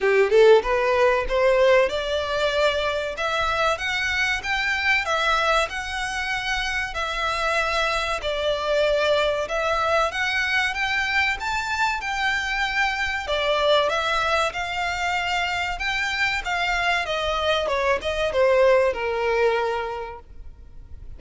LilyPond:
\new Staff \with { instrumentName = "violin" } { \time 4/4 \tempo 4 = 95 g'8 a'8 b'4 c''4 d''4~ | d''4 e''4 fis''4 g''4 | e''4 fis''2 e''4~ | e''4 d''2 e''4 |
fis''4 g''4 a''4 g''4~ | g''4 d''4 e''4 f''4~ | f''4 g''4 f''4 dis''4 | cis''8 dis''8 c''4 ais'2 | }